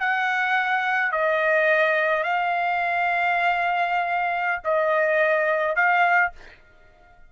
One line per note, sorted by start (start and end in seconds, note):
0.00 1.12 F#5
1.12 2.24 D#5
2.24 4.62 F5
4.64 5.76 D#5
5.76 6.32 F5